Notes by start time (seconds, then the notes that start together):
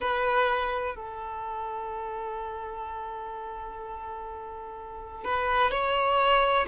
0.00 B4
0.95 A4
5.24 B4
5.71 C#5